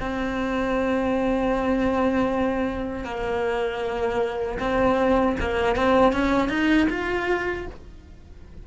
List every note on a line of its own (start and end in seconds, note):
0.00 3.05 C4
3.05 4.59 A#3
4.59 5.36 C4
5.40 5.76 A#3
5.76 6.13 C4
6.13 6.49 C#4
6.49 6.87 D#4
6.90 7.67 F4